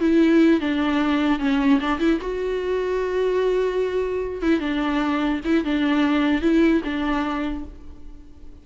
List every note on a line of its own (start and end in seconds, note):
0.00 0.60 E4
0.60 1.39 D4
1.39 1.80 C#4
1.81 2.00 D4
2.00 2.20 E4
2.21 4.42 F#4
4.42 4.60 E4
4.60 5.41 D4
5.45 5.64 E4
5.64 6.42 D4
6.42 6.82 E4
6.84 7.65 D4